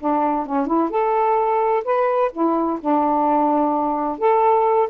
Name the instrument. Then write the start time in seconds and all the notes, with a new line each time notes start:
saxophone
0.00 D4
0.47 C#4
0.68 E4
0.90 A4
1.85 B4
2.33 E4
2.81 D4
4.19 A4